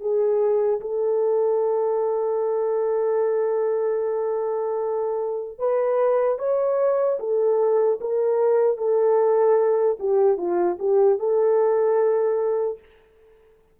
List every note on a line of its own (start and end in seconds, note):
0.00 0.80 G#4
0.80 5.59 A4
5.59 6.38 B4
6.38 7.18 C#5
7.19 7.99 A4
8.00 8.77 A#4
8.77 9.97 A4
9.99 10.37 G4
10.37 10.77 F4
10.79 11.19 G4
11.19 12.79 A4